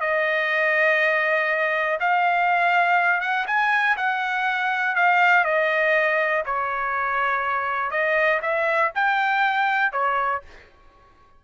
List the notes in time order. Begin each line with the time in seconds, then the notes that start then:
0.00 D#5
2.00 F5
3.21 F#5
3.47 G#5
3.97 F#5
4.95 F5
5.44 D#5
6.45 C#5
7.90 D#5
8.42 E5
8.95 G5
9.92 C#5